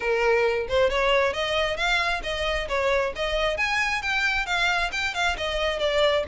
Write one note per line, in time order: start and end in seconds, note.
0.00 0.67 A#4
0.68 0.90 C5
0.90 1.33 C#5
1.33 1.76 D#5
1.76 2.21 F5
2.23 2.68 D#5
2.68 3.13 C#5
3.15 3.57 D#5
3.57 4.02 G#5
4.02 4.46 G5
4.46 4.90 F5
4.92 5.14 G5
5.14 5.36 F5
5.37 5.79 D#5
5.79 6.24 D5